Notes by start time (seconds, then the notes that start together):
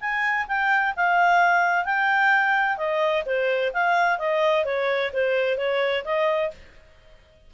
0.00 G#5
0.48 G5
0.96 F5
1.85 G5
2.77 D#5
3.26 C5
3.73 F5
4.19 D#5
4.65 C#5
5.13 C5
5.58 C#5
6.04 D#5